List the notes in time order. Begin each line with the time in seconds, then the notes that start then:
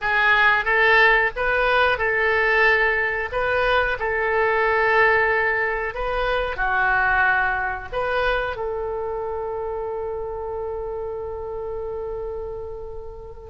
0.01 G#4
0.64 A4
1.35 B4
1.98 A4
3.31 B4
3.99 A4
5.94 B4
6.56 F#4
7.92 B4
8.56 A4